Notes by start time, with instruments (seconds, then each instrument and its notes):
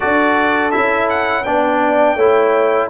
0.00 tuba D4, trombone F#4, horn A4, trumpet D5
0.71 tuba C#4, trombone E4, trumpet E5
1.09 trumpet F#5
1.43 tuba B3, trombone D4, horn D5, trumpet G5
2.15 tuba A3, trombone E4, horn C#5